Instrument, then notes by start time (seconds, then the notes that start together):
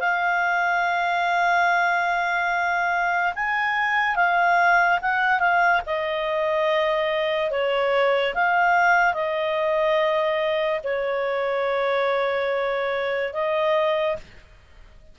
clarinet
0.00 F5
3.35 G#5
4.16 F5
5.02 F#5
5.40 F5
5.86 D#5
7.51 C#5
8.34 F5
9.14 D#5
10.84 C#5
13.33 D#5